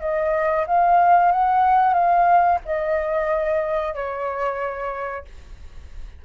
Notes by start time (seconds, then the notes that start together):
0.00 D#5
0.66 F5
1.31 F#5
1.93 F5
2.65 D#5
3.94 C#5